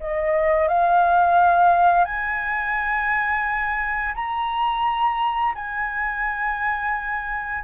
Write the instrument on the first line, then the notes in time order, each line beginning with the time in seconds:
flute
0.00 D#5
0.68 F5
2.05 G#5
4.15 A#5
5.55 G#5